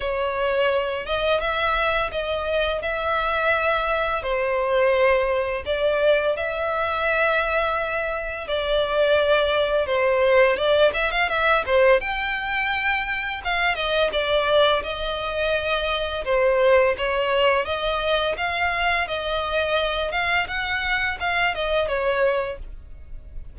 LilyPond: \new Staff \with { instrumentName = "violin" } { \time 4/4 \tempo 4 = 85 cis''4. dis''8 e''4 dis''4 | e''2 c''2 | d''4 e''2. | d''2 c''4 d''8 e''16 f''16 |
e''8 c''8 g''2 f''8 dis''8 | d''4 dis''2 c''4 | cis''4 dis''4 f''4 dis''4~ | dis''8 f''8 fis''4 f''8 dis''8 cis''4 | }